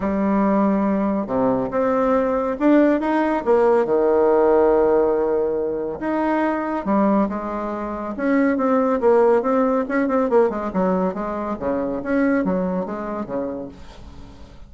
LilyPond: \new Staff \with { instrumentName = "bassoon" } { \time 4/4 \tempo 4 = 140 g2. c4 | c'2 d'4 dis'4 | ais4 dis2.~ | dis2 dis'2 |
g4 gis2 cis'4 | c'4 ais4 c'4 cis'8 c'8 | ais8 gis8 fis4 gis4 cis4 | cis'4 fis4 gis4 cis4 | }